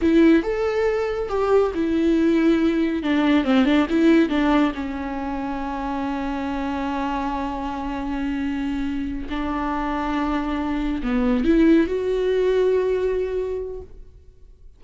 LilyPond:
\new Staff \with { instrumentName = "viola" } { \time 4/4 \tempo 4 = 139 e'4 a'2 g'4 | e'2. d'4 | c'8 d'8 e'4 d'4 cis'4~ | cis'1~ |
cis'1~ | cis'4. d'2~ d'8~ | d'4. b4 e'4 fis'8~ | fis'1 | }